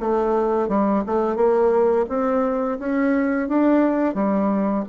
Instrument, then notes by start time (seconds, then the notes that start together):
bassoon
0.00 A3
0.69 G3
1.07 A3
1.36 A#3
2.09 C4
2.79 C#4
3.49 D4
4.14 G3